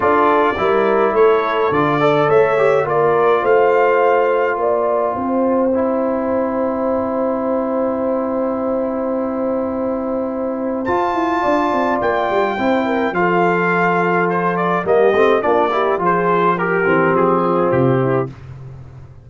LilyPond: <<
  \new Staff \with { instrumentName = "trumpet" } { \time 4/4 \tempo 4 = 105 d''2 cis''4 d''4 | e''4 d''4 f''2 | g''1~ | g''1~ |
g''2. a''4~ | a''4 g''2 f''4~ | f''4 c''8 d''8 dis''4 d''4 | c''4 ais'4 gis'4 g'4 | }
  \new Staff \with { instrumentName = "horn" } { \time 4/4 a'4 ais'4 a'4. d''8 | cis''4 ais'4 c''2 | d''4 c''2.~ | c''1~ |
c''1 | d''2 c''8 ais'8 a'4~ | a'2 g'4 f'8 g'8 | gis'4 g'4. f'4 e'8 | }
  \new Staff \with { instrumentName = "trombone" } { \time 4/4 f'4 e'2 f'8 a'8~ | a'8 g'8 f'2.~ | f'2 e'2~ | e'1~ |
e'2. f'4~ | f'2 e'4 f'4~ | f'2 ais8 c'8 d'8 e'8 | f'4 g'8 c'2~ c'8 | }
  \new Staff \with { instrumentName = "tuba" } { \time 4/4 d'4 g4 a4 d4 | a4 ais4 a2 | ais4 c'2.~ | c'1~ |
c'2. f'8 e'8 | d'8 c'8 ais8 g8 c'4 f4~ | f2 g8 a8 ais4 | f4. e8 f4 c4 | }
>>